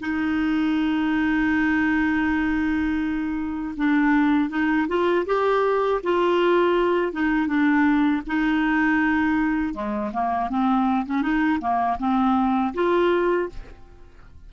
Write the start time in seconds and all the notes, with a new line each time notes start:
0.00 D#4
3.77 D4
4.50 D#4
4.88 F4
5.26 G4
6.03 F4
7.12 D#4
7.47 D4
8.27 D#4
9.74 G#3
10.13 A#3
10.49 C4
11.06 C#4
11.22 D#4
11.60 A#3
11.99 C4
12.74 F4